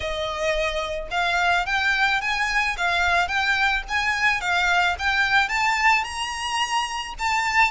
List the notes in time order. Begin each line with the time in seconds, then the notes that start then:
0.00 D#5
1.10 F5
1.66 G5
2.21 G#5
2.77 F5
3.28 G5
3.88 G#5
4.40 F5
4.98 G5
5.48 A5
6.04 A#5
7.18 A5